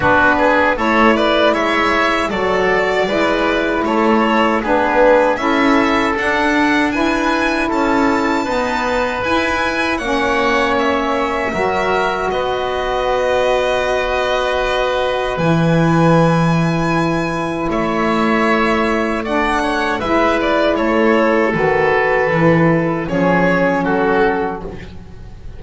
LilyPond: <<
  \new Staff \with { instrumentName = "violin" } { \time 4/4 \tempo 4 = 78 b'4 cis''8 d''8 e''4 d''4~ | d''4 cis''4 b'4 e''4 | fis''4 gis''4 a''2 | gis''4 fis''4 e''2 |
dis''1 | gis''2. e''4~ | e''4 fis''4 e''8 d''8 cis''4 | b'2 cis''4 a'4 | }
  \new Staff \with { instrumentName = "oboe" } { \time 4/4 fis'8 gis'8 a'8 b'8 cis''4 a'4 | b'4 a'4 gis'4 a'4~ | a'4 b'4 a'4 b'4~ | b'4 cis''2 ais'4 |
b'1~ | b'2. cis''4~ | cis''4 d''8 cis''8 b'4 a'4~ | a'2 gis'4 fis'4 | }
  \new Staff \with { instrumentName = "saxophone" } { \time 4/4 d'4 e'2 fis'4 | e'2 d'4 e'4 | d'4 e'2 b4 | e'4 cis'2 fis'4~ |
fis'1 | e'1~ | e'4 d'4 e'2 | fis'4 e'4 cis'2 | }
  \new Staff \with { instrumentName = "double bass" } { \time 4/4 b4 a4 gis4 fis4 | gis4 a4 b4 cis'4 | d'2 cis'4 dis'4 | e'4 ais2 fis4 |
b1 | e2. a4~ | a2 gis4 a4 | dis4 e4 f4 fis4 | }
>>